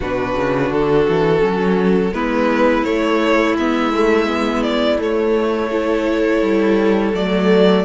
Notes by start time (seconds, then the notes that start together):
0.00 B2 D4 F#4 B4
0.35 C#3
0.70 D3 A4
1.08 E3
1.39 F#3 C#4
2.12 G#3 B3 E4 B4
2.84 A3 C#5
3.57 G#3 B3 E5
3.92 A3
4.26 B3
4.62 D5
4.98 A3 C#5
5.71 E4 A4
6.41 G3
7.14 F#3 A3 D5